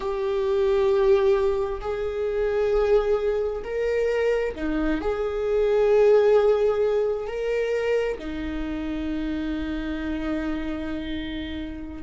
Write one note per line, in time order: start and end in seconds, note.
0.00 1.80 G4
1.81 3.62 G#4
3.64 4.55 A#4
4.55 5.00 D#4
5.00 7.27 G#4
7.27 8.18 A#4
8.18 12.03 D#4